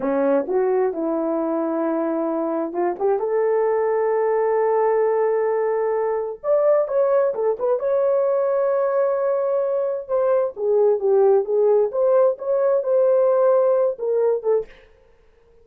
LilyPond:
\new Staff \with { instrumentName = "horn" } { \time 4/4 \tempo 4 = 131 cis'4 fis'4 e'2~ | e'2 f'8 g'8 a'4~ | a'1~ | a'2 d''4 cis''4 |
a'8 b'8 cis''2.~ | cis''2 c''4 gis'4 | g'4 gis'4 c''4 cis''4 | c''2~ c''8 ais'4 a'8 | }